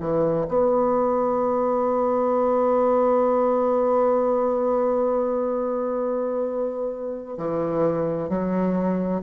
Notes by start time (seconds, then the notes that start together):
0.00 E3
0.48 B3
7.37 E3
8.29 F#3